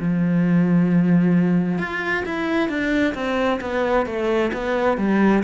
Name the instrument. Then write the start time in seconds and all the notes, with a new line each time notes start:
cello
0.00 F3
1.79 F4
2.26 E4
2.69 D4
3.15 C4
3.62 B3
4.07 A3
4.54 B3
4.98 G3